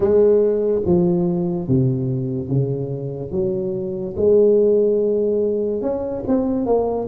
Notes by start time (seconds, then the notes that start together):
0.00 G#3
0.85 F3
1.67 C3
2.48 C#3
3.31 F#3
4.16 G#3
5.81 C#4
6.27 C4
6.66 A#3